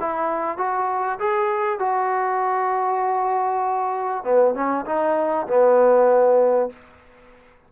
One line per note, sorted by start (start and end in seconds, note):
0.00 0.57 E4
0.57 1.19 F#4
1.19 1.79 G#4
1.79 4.24 F#4
4.24 4.55 B3
4.55 4.85 C#4
4.86 5.47 D#4
5.47 6.70 B3